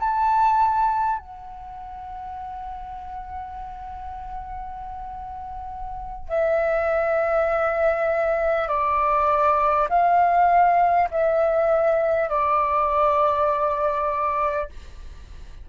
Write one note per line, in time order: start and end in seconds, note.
0.00 1.19 A5
1.19 6.29 F#5
6.29 8.69 E5
8.69 9.89 D5
9.89 11.09 F5
11.12 12.29 E5
12.29 14.69 D5